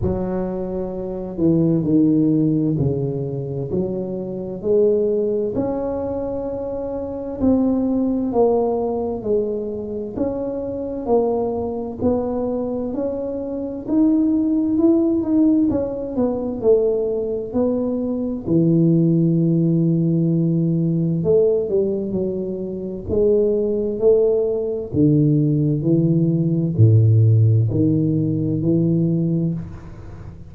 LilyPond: \new Staff \with { instrumentName = "tuba" } { \time 4/4 \tempo 4 = 65 fis4. e8 dis4 cis4 | fis4 gis4 cis'2 | c'4 ais4 gis4 cis'4 | ais4 b4 cis'4 dis'4 |
e'8 dis'8 cis'8 b8 a4 b4 | e2. a8 g8 | fis4 gis4 a4 d4 | e4 a,4 dis4 e4 | }